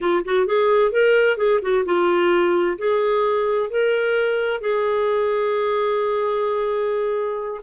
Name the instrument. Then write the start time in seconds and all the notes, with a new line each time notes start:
clarinet
0.01 F4
0.24 F#4
0.46 G#4
0.91 A#4
1.37 G#4
1.62 F#4
1.85 F4
2.78 G#4
3.70 A#4
4.60 G#4